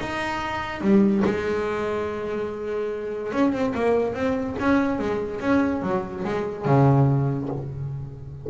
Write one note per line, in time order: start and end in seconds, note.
0.00 0.81 D#4
0.81 1.23 G3
1.24 3.32 G#3
3.32 3.52 C#4
3.52 3.73 C4
3.74 4.14 A#3
4.14 4.56 C4
4.59 4.99 C#4
4.99 5.40 G#3
5.40 5.82 C#4
5.82 6.23 F#3
6.25 6.65 G#3
6.65 7.48 C#3